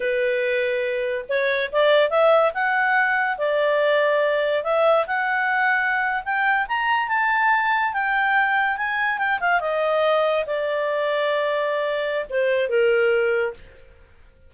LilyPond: \new Staff \with { instrumentName = "clarinet" } { \time 4/4 \tempo 4 = 142 b'2. cis''4 | d''4 e''4 fis''2 | d''2. e''4 | fis''2~ fis''8. g''4 ais''16~ |
ais''8. a''2 g''4~ g''16~ | g''8. gis''4 g''8 f''8 dis''4~ dis''16~ | dis''8. d''2.~ d''16~ | d''4 c''4 ais'2 | }